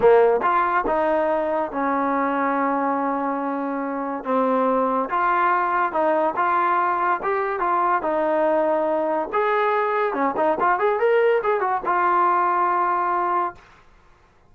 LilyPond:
\new Staff \with { instrumentName = "trombone" } { \time 4/4 \tempo 4 = 142 ais4 f'4 dis'2 | cis'1~ | cis'2 c'2 | f'2 dis'4 f'4~ |
f'4 g'4 f'4 dis'4~ | dis'2 gis'2 | cis'8 dis'8 f'8 gis'8 ais'4 gis'8 fis'8 | f'1 | }